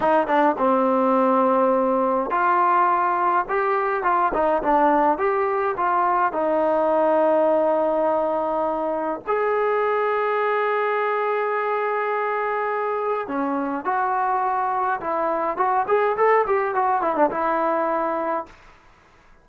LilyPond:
\new Staff \with { instrumentName = "trombone" } { \time 4/4 \tempo 4 = 104 dis'8 d'8 c'2. | f'2 g'4 f'8 dis'8 | d'4 g'4 f'4 dis'4~ | dis'1 |
gis'1~ | gis'2. cis'4 | fis'2 e'4 fis'8 gis'8 | a'8 g'8 fis'8 e'16 d'16 e'2 | }